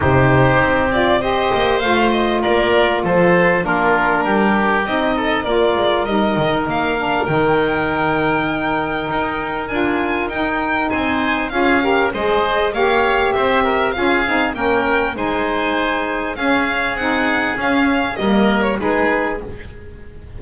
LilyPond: <<
  \new Staff \with { instrumentName = "violin" } { \time 4/4 \tempo 4 = 99 c''4. d''8 dis''4 f''8 dis''8 | d''4 c''4 ais'2 | dis''4 d''4 dis''4 f''4 | g''1 |
gis''4 g''4 gis''4 f''4 | dis''4 f''4 e''4 f''4 | g''4 gis''2 f''4 | fis''4 f''4 dis''8. cis''16 b'4 | }
  \new Staff \with { instrumentName = "oboe" } { \time 4/4 g'2 c''2 | ais'4 a'4 f'4 g'4~ | g'8 a'8 ais'2.~ | ais'1~ |
ais'2 c''4 gis'8 ais'8 | c''4 cis''4 c''8 ais'8 gis'4 | ais'4 c''2 gis'4~ | gis'2 ais'4 gis'4 | }
  \new Staff \with { instrumentName = "saxophone" } { \time 4/4 dis'4. f'8 g'4 f'4~ | f'2 d'2 | dis'4 f'4 dis'4. d'8 | dis'1 |
f'4 dis'2 f'8 g'8 | gis'4 g'2 f'8 dis'8 | cis'4 dis'2 cis'4 | dis'4 cis'4 ais4 dis'4 | }
  \new Staff \with { instrumentName = "double bass" } { \time 4/4 c4 c'4. ais8 a4 | ais4 f4 ais4 g4 | c'4 ais8 gis8 g8 dis8 ais4 | dis2. dis'4 |
d'4 dis'4 c'4 cis'4 | gis4 ais4 c'4 cis'8 c'8 | ais4 gis2 cis'4 | c'4 cis'4 g4 gis4 | }
>>